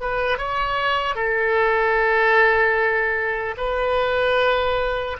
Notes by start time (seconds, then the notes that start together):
0.00 B4
0.38 C#5
1.15 A4
3.57 B4